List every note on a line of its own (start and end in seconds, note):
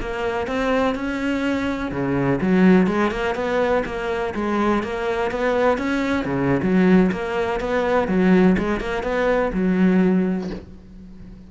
0.00 0.47 A#3
0.47 0.95 C4
0.95 1.91 C#4
1.91 2.40 C#3
2.41 2.87 F#3
2.87 3.11 G#3
3.11 3.35 A#3
3.35 3.83 B3
3.85 4.34 A#3
4.34 4.83 G#3
4.83 5.31 A#3
5.31 5.78 B3
5.78 6.25 C#4
6.25 6.61 C#3
6.62 7.11 F#3
7.12 7.60 A#3
7.60 8.08 B3
8.08 8.56 F#3
8.58 8.80 G#3
8.80 9.03 A#3
9.03 9.51 B3
9.53 10.50 F#3